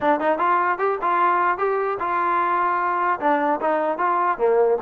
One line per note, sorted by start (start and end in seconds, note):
0.00 0.20 D4
0.20 0.38 D#4
0.38 0.78 F4
0.78 0.98 G4
1.01 1.58 F4
1.58 1.98 G4
1.99 3.19 F4
3.20 3.60 D4
3.61 3.98 D#4
3.98 4.38 F4
4.38 4.78 A#3